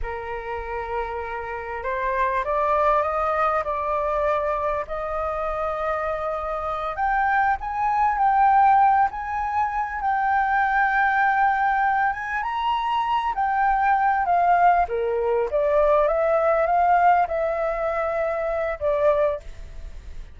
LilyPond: \new Staff \with { instrumentName = "flute" } { \time 4/4 \tempo 4 = 99 ais'2. c''4 | d''4 dis''4 d''2 | dis''2.~ dis''8 g''8~ | g''8 gis''4 g''4. gis''4~ |
gis''8 g''2.~ g''8 | gis''8 ais''4. g''4. f''8~ | f''8 ais'4 d''4 e''4 f''8~ | f''8 e''2~ e''8 d''4 | }